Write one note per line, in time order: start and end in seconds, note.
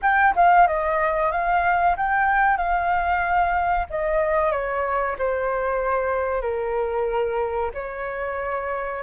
0.02 0.34 G5
0.35 0.67 F5
0.67 1.31 D#5
1.31 1.96 F5
1.96 2.57 G5
2.57 3.86 F5
3.90 4.51 D#5
4.51 5.16 C#5
5.18 6.41 C5
6.41 7.70 A#4
7.74 9.03 C#5